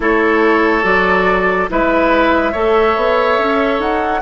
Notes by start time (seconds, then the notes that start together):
0.00 A3 E4 A4 C#5
0.82 F#3 F#4 D5
1.69 G#3 E4 B4 E5
2.52 A3 A4 C#5
2.96 B3
3.38 C#4
3.79 D#4 F#5